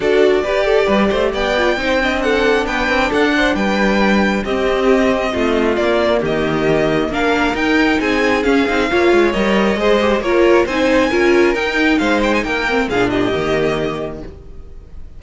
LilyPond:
<<
  \new Staff \with { instrumentName = "violin" } { \time 4/4 \tempo 4 = 135 d''2. g''4~ | g''4 fis''4 g''4 fis''4 | g''2 dis''2~ | dis''4 d''4 dis''2 |
f''4 g''4 gis''4 f''4~ | f''4 dis''2 cis''4 | gis''2 g''4 f''8 g''16 gis''16 | g''4 f''8 dis''2~ dis''8 | }
  \new Staff \with { instrumentName = "violin" } { \time 4/4 a'4 b'8 a'8 b'8 c''8 d''4 | c''8 dis''8 a'4 b'4 a'8 c''8 | b'2 g'2 | f'2 g'2 |
ais'2 gis'2 | cis''2 c''4 ais'4 | c''4 ais'2 c''4 | ais'4 gis'8 g'2~ g'8 | }
  \new Staff \with { instrumentName = "viola" } { \time 4/4 fis'4 g'2~ g'8 f'8 | dis'8 d'2.~ d'8~ | d'2 c'2~ | c'4 ais2. |
d'4 dis'2 cis'8 dis'8 | f'4 ais'4 gis'8 g'8 f'4 | dis'4 f'4 dis'2~ | dis'8 c'8 d'4 ais2 | }
  \new Staff \with { instrumentName = "cello" } { \time 4/4 d'4 g'4 g8 a8 b4 | c'2 b8 c'8 d'4 | g2 c'2 | a4 ais4 dis2 |
ais4 dis'4 c'4 cis'8 c'8 | ais8 gis8 g4 gis4 ais4 | c'4 cis'4 dis'4 gis4 | ais4 ais,4 dis2 | }
>>